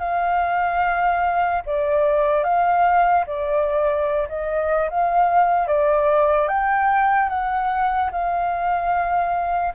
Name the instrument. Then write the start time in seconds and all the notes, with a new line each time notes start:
flute
0.00 F5
1.66 D5
2.44 F5
3.27 D5
4.29 D#5
4.91 F5
5.68 D5
6.48 G5
7.29 F#5
8.12 F5